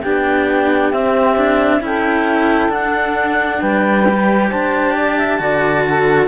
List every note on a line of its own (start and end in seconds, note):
0.00 0.93 B3
0.00 0.93 D4
0.00 1.79 G4
0.00 0.92 G5
0.92 1.37 C4
0.92 1.81 C4
0.92 1.82 E5
1.37 1.81 D4
1.81 2.69 C#4
1.81 2.69 E4
1.81 3.60 A4
1.81 2.72 G5
2.69 3.58 D4
2.69 4.04 D4
2.69 3.61 F#5
3.60 4.51 G3
3.60 4.50 B4
3.60 4.51 G5
4.09 5.39 G4
4.50 5.40 D4
4.50 4.94 C5
4.50 6.28 A5
4.94 5.16 D5
5.18 5.40 E5
5.39 6.28 D3
5.39 6.28 F#4
5.39 5.84 D5
5.84 6.28 A4